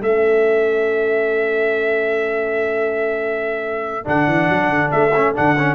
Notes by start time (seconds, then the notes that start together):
0.00 A3 C#4 A4 E5
4.04 D3 D4 F#5
4.27 E3
4.49 F#3
4.69 D3
4.91 A3 E5
5.15 C#4
5.34 D3 D4 F#5
5.58 C#4